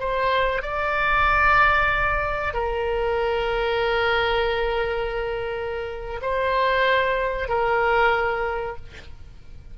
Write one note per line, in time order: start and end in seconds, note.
0.00 0.63 C5
0.63 2.54 D5
2.54 6.21 A#4
6.22 7.49 C5
7.49 8.76 A#4